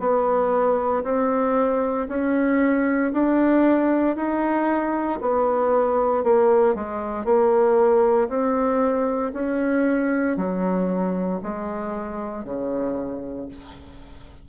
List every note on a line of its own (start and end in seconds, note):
0.00 1.03 B3
1.04 2.07 C4
2.09 3.13 C#4
3.13 4.16 D4
4.16 5.20 D#4
5.22 6.24 B3
6.24 6.75 A#3
6.75 7.25 G#3
7.25 8.29 A#3
8.29 9.32 C4
9.34 10.37 C#4
10.37 11.40 F#3
11.43 12.45 G#3
12.45 13.48 C#3